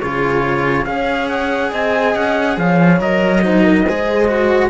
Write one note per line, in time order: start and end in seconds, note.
0.00 0.86 C#3
0.00 0.85 F4
0.00 0.86 G#4
0.00 0.85 C#5
0.85 1.72 C#4
0.85 2.99 G#4
0.85 1.71 C#5
0.85 1.28 F5
1.28 1.71 F#5
1.71 2.15 C4
1.71 2.57 D#5
1.71 2.15 G#5
2.15 2.57 C#4
2.15 2.58 F#5
2.57 3.00 F3
2.57 3.44 C#5
2.57 3.01 F5
3.00 3.86 F#3
3.00 3.41 A#4
3.00 4.70 D#5
3.41 3.84 D#4
3.41 3.63 C5
3.63 3.85 A#4
3.85 4.70 G#3
3.85 4.27 G#4
3.85 4.70 C5
4.27 4.70 F#4